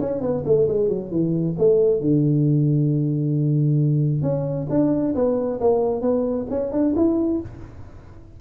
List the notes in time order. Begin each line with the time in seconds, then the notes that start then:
0.00 C#4
0.21 B3
0.45 A3
0.68 G#3
0.88 F#3
1.11 E3
1.58 A3
2.00 D3
4.22 C#4
4.70 D4
5.15 B3
5.60 A#3
6.01 B3
6.49 C#4
6.72 D4
6.96 E4